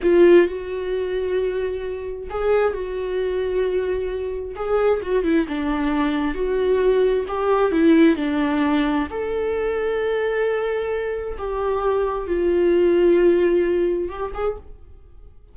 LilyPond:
\new Staff \with { instrumentName = "viola" } { \time 4/4 \tempo 4 = 132 f'4 fis'2.~ | fis'4 gis'4 fis'2~ | fis'2 gis'4 fis'8 e'8 | d'2 fis'2 |
g'4 e'4 d'2 | a'1~ | a'4 g'2 f'4~ | f'2. g'8 gis'8 | }